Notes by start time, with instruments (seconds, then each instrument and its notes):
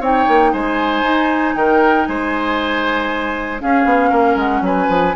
0.00 bassoon C4, clarinet D#4, oboe C#5, flute G5
0.28 bassoon A#3
0.52 bassoon G#3, oboe C5, flute G#5
1.02 bassoon D#4
1.55 bassoon D#3, oboe A#4, flute G5
2.06 bassoon G#3, oboe C5, flute G#5
3.60 clarinet C#4, bassoon C#4, oboe G#4, flute F5
3.85 bassoon B3
4.10 bassoon A#3, oboe A#4
4.36 bassoon G#3, flute F#5
4.61 bassoon F#3, oboe B4, flute G#5
4.89 bassoon F3